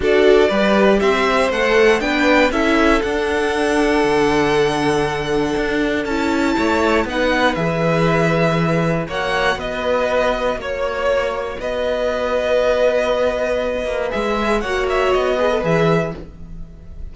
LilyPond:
<<
  \new Staff \with { instrumentName = "violin" } { \time 4/4 \tempo 4 = 119 d''2 e''4 fis''4 | g''4 e''4 fis''2~ | fis''1 | a''2 fis''4 e''4~ |
e''2 fis''4 dis''4~ | dis''4 cis''2 dis''4~ | dis''1 | e''4 fis''8 e''8 dis''4 e''4 | }
  \new Staff \with { instrumentName = "violin" } { \time 4/4 a'4 b'4 c''2 | b'4 a'2.~ | a'1~ | a'4 cis''4 b'2~ |
b'2 cis''4 b'4~ | b'4 cis''2 b'4~ | b'1~ | b'4 cis''4. b'4. | }
  \new Staff \with { instrumentName = "viola" } { \time 4/4 fis'4 g'2 a'4 | d'4 e'4 d'2~ | d'1 | e'2 dis'4 gis'4~ |
gis'2 fis'2~ | fis'1~ | fis'1 | gis'4 fis'4. gis'16 a'16 gis'4 | }
  \new Staff \with { instrumentName = "cello" } { \time 4/4 d'4 g4 c'4 a4 | b4 cis'4 d'2 | d2. d'4 | cis'4 a4 b4 e4~ |
e2 ais4 b4~ | b4 ais2 b4~ | b2.~ b8 ais8 | gis4 ais4 b4 e4 | }
>>